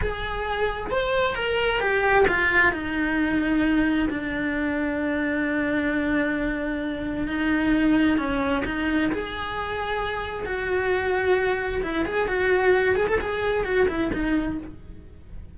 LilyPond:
\new Staff \with { instrumentName = "cello" } { \time 4/4 \tempo 4 = 132 gis'2 c''4 ais'4 | g'4 f'4 dis'2~ | dis'4 d'2.~ | d'1 |
dis'2 cis'4 dis'4 | gis'2. fis'4~ | fis'2 e'8 gis'8 fis'4~ | fis'8 gis'16 a'16 gis'4 fis'8 e'8 dis'4 | }